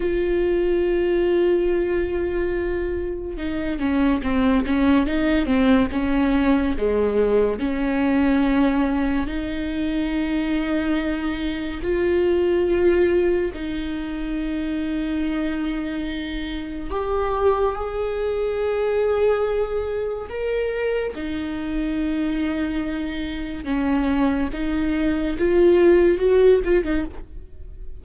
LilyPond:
\new Staff \with { instrumentName = "viola" } { \time 4/4 \tempo 4 = 71 f'1 | dis'8 cis'8 c'8 cis'8 dis'8 c'8 cis'4 | gis4 cis'2 dis'4~ | dis'2 f'2 |
dis'1 | g'4 gis'2. | ais'4 dis'2. | cis'4 dis'4 f'4 fis'8 f'16 dis'16 | }